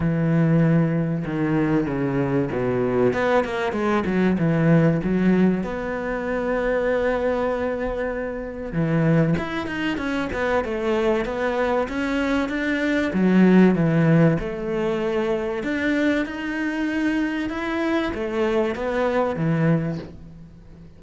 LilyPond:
\new Staff \with { instrumentName = "cello" } { \time 4/4 \tempo 4 = 96 e2 dis4 cis4 | b,4 b8 ais8 gis8 fis8 e4 | fis4 b2.~ | b2 e4 e'8 dis'8 |
cis'8 b8 a4 b4 cis'4 | d'4 fis4 e4 a4~ | a4 d'4 dis'2 | e'4 a4 b4 e4 | }